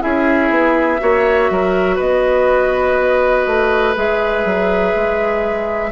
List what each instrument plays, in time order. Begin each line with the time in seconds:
0.00 bassoon C#4, clarinet E4, oboe G#4, flute E5
0.50 bassoon B3
0.99 bassoon A#3, clarinet F#4, oboe C#5
1.50 bassoon F#3, oboe A#4
1.96 bassoon B3, oboe B4, flute D#5
3.46 bassoon A3
3.95 bassoon G#3, clarinet G#4, flute E5
4.45 bassoon F#3
4.95 bassoon G#3